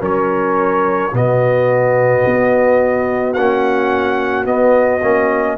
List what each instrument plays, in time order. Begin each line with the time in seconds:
0.00 tuba F#3, trombone C#4, horn A#4, trumpet C#5
1.13 tuba B2, trombone B3, horn F#4, trumpet D#5
2.26 tuba B3
3.33 tuba A#3, trombone C#4, trumpet F#5
4.45 trombone B3, tuba B3, trumpet D#5
5.02 tuba A#3, trombone C#4